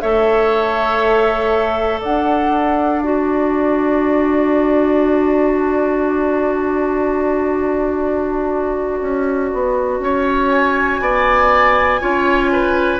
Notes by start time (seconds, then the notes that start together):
0.00 A3 A4 C#5 E5
2.01 D4 D5 F#5
3.02 F#4 A5
9.01 C#4
9.54 B3
10.00 C#4 C#5
10.49 G#5
11.01 B3 D5
12.01 C#4 F4 C#5
12.52 B4